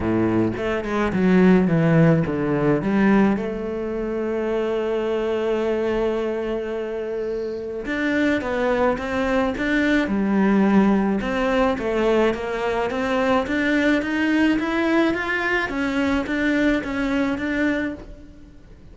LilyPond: \new Staff \with { instrumentName = "cello" } { \time 4/4 \tempo 4 = 107 a,4 a8 gis8 fis4 e4 | d4 g4 a2~ | a1~ | a2 d'4 b4 |
c'4 d'4 g2 | c'4 a4 ais4 c'4 | d'4 dis'4 e'4 f'4 | cis'4 d'4 cis'4 d'4 | }